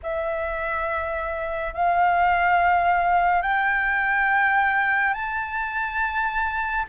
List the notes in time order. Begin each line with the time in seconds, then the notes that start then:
0.02 E5
1.73 F5
3.42 G5
5.13 A5